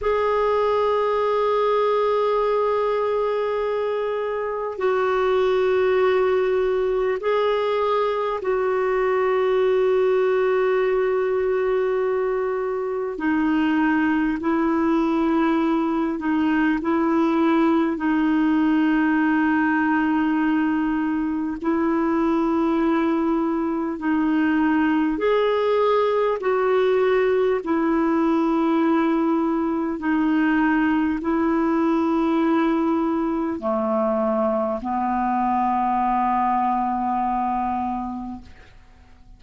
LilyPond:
\new Staff \with { instrumentName = "clarinet" } { \time 4/4 \tempo 4 = 50 gis'1 | fis'2 gis'4 fis'4~ | fis'2. dis'4 | e'4. dis'8 e'4 dis'4~ |
dis'2 e'2 | dis'4 gis'4 fis'4 e'4~ | e'4 dis'4 e'2 | a4 b2. | }